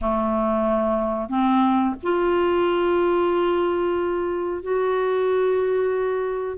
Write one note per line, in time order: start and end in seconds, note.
0.01 1.29 A3
1.29 1.95 C4
2.03 4.62 F4
4.62 6.58 F#4